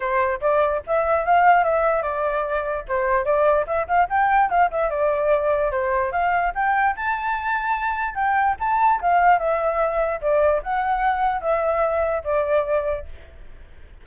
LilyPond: \new Staff \with { instrumentName = "flute" } { \time 4/4 \tempo 4 = 147 c''4 d''4 e''4 f''4 | e''4 d''2 c''4 | d''4 e''8 f''8 g''4 f''8 e''8 | d''2 c''4 f''4 |
g''4 a''2. | g''4 a''4 f''4 e''4~ | e''4 d''4 fis''2 | e''2 d''2 | }